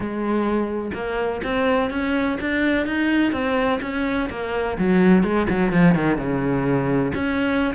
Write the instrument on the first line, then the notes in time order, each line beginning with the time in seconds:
cello
0.00 G#3
0.94 A#3
1.43 C4
1.90 C#4
2.40 D4
2.86 D#4
3.32 C4
3.81 C#4
4.29 A#3
4.78 F#3
5.23 G#3
5.49 F#3
5.72 F3
5.94 D#3
6.17 C#3
7.14 C#4